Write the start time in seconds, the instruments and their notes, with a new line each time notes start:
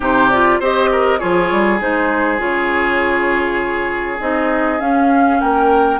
0.00 bassoon C3, clarinet D#4, oboe G4, flute C5
0.30 clarinet F4, flute D5
0.59 bassoon C4, clarinet G4, oboe C5, flute D#5
0.91 oboe A#4
1.18 bassoon F3, clarinet F4, oboe G#4, flute C#5
1.51 bassoon G3
1.80 bassoon G#3, clarinet D#4, flute C5
2.38 bassoon C#3, clarinet F4, flute C#5
4.20 bassoon C4, clarinet D#4, flute D#5
4.79 clarinet C#4, bassoon C#4, flute F5
5.40 bassoon A#3, oboe A#4, flute G5